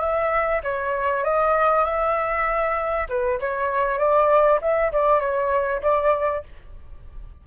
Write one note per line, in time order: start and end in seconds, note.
0.00 0.61 E5
0.63 1.24 C#5
1.24 1.85 D#5
1.85 3.07 E5
3.09 3.40 B4
3.40 3.99 C#5
3.99 4.60 D5
4.61 4.92 E5
4.92 5.20 D5
5.20 5.81 C#5
5.82 6.43 D5